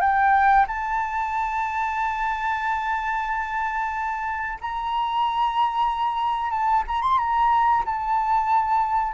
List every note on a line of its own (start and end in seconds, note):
0.00 0.65 G5
0.67 4.58 A5
4.60 6.50 A#5
6.50 6.83 A5
6.87 7.01 A#5
7.01 7.18 C6
7.18 7.83 A#5
7.85 9.13 A5